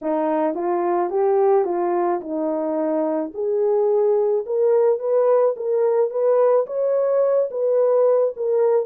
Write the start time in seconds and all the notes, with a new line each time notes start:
0.02 D#4
0.54 F4
1.10 G4
1.64 F4
2.20 D#4
3.34 G#4
4.46 A#4
4.99 B4
5.56 A#4
6.10 B4
6.66 C#5
7.50 B4
8.36 A#4